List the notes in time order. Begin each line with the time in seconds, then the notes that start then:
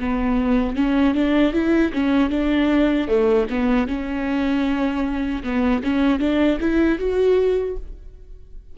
0.00 B3
0.76 C#4
1.15 D4
1.54 E4
1.93 C#4
2.31 D4
3.09 A3
3.50 B3
3.88 C#4
5.44 B3
5.84 C#4
6.20 D4
6.61 E4
6.99 F#4